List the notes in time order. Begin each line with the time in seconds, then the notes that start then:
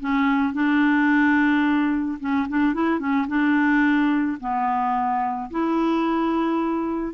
0.00 C#4
0.53 D4
2.20 C#4
2.48 D4
2.74 E4
2.99 C#4
3.28 D4
4.40 B3
5.50 E4